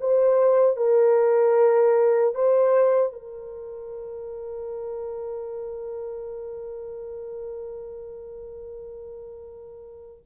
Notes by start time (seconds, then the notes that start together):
0.00 C5
0.76 A#4
2.34 C5
3.13 A#4